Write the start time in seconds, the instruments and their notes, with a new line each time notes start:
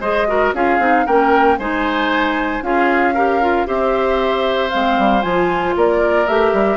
0.00 bassoon G#3, clarinet G#4, oboe C5, flute D#5
0.28 clarinet F#4, oboe A#4
0.54 bassoon C#4, clarinet F4, oboe G#4, flute F5
0.79 bassoon C4, clarinet D#4
1.06 bassoon A#3, clarinet C#4, oboe A#4, flute G5
1.58 bassoon G#3, clarinet D#4, oboe C5, flute G#5
2.61 bassoon C#4, clarinet F4, oboe G#4, flute F5
3.14 clarinet G4, oboe A#4
3.42 clarinet F4
3.66 bassoon C4, clarinet G4, oboe C5, flute E5
4.70 bassoon G#3, clarinet C4, flute F5
4.98 bassoon G3
5.22 bassoon F3, clarinet F4, flute G#5
5.76 bassoon A#3, oboe A#4, flute D5
6.27 bassoon A3, clarinet G4, flute E5
6.53 bassoon G3